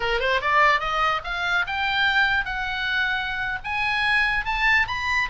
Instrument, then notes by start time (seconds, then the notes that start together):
oboe
0.00 A#4
0.20 C5
0.41 D5
0.80 D#5
1.24 F5
1.67 G5
2.45 F#5
3.64 G#5
4.45 A5
4.87 B5